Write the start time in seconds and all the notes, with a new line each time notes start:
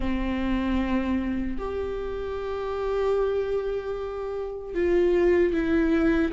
0.00 C4
1.58 G4
4.74 F4
5.53 E4